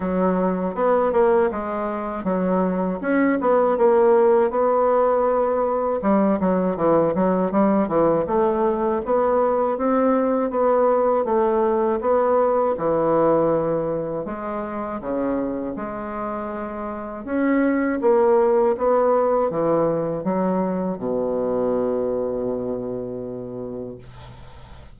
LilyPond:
\new Staff \with { instrumentName = "bassoon" } { \time 4/4 \tempo 4 = 80 fis4 b8 ais8 gis4 fis4 | cis'8 b8 ais4 b2 | g8 fis8 e8 fis8 g8 e8 a4 | b4 c'4 b4 a4 |
b4 e2 gis4 | cis4 gis2 cis'4 | ais4 b4 e4 fis4 | b,1 | }